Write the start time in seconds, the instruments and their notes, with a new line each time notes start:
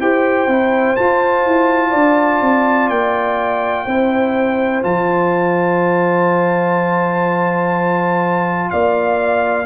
0.00 tuba E4, trombone G4, horn C5, trumpet G5
0.47 tuba C4, trombone E4
0.96 trombone F4, tuba F4, trumpet A5
1.46 tuba E4
1.91 tuba D4, horn D5
2.42 tuba C4
2.89 tuba A#3, trumpet G5
3.86 tuba C4, trombone E4, horn C5
4.82 tuba F3, trombone F4, trumpet A5
8.70 tuba A#3, horn D5, trumpet F5